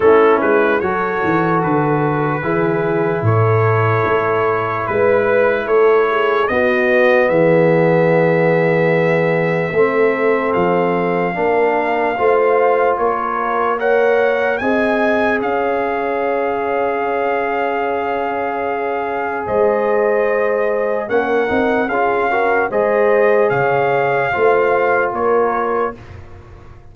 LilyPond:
<<
  \new Staff \with { instrumentName = "trumpet" } { \time 4/4 \tempo 4 = 74 a'8 b'8 cis''4 b'2 | cis''2 b'4 cis''4 | dis''4 e''2.~ | e''4 f''2. |
cis''4 fis''4 gis''4 f''4~ | f''1 | dis''2 fis''4 f''4 | dis''4 f''2 cis''4 | }
  \new Staff \with { instrumentName = "horn" } { \time 4/4 e'4 a'2 gis'4 | a'2 b'4 a'8 gis'8 | fis'4 gis'2. | a'2 ais'4 c''4 |
ais'4 cis''4 dis''4 cis''4~ | cis''1 | c''2 ais'4 gis'8 ais'8 | c''4 cis''4 c''4 ais'4 | }
  \new Staff \with { instrumentName = "trombone" } { \time 4/4 cis'4 fis'2 e'4~ | e'1 | b1 | c'2 d'4 f'4~ |
f'4 ais'4 gis'2~ | gis'1~ | gis'2 cis'8 dis'8 f'8 fis'8 | gis'2 f'2 | }
  \new Staff \with { instrumentName = "tuba" } { \time 4/4 a8 gis8 fis8 e8 d4 e4 | a,4 a4 gis4 a4 | b4 e2. | a4 f4 ais4 a4 |
ais2 c'4 cis'4~ | cis'1 | gis2 ais8 c'8 cis'4 | gis4 cis4 a4 ais4 | }
>>